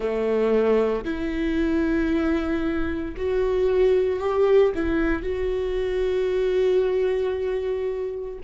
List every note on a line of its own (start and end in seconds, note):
0.00 1.04 A3
1.04 3.15 E4
3.16 4.19 F#4
4.19 4.72 G4
4.74 5.22 E4
5.22 8.38 F#4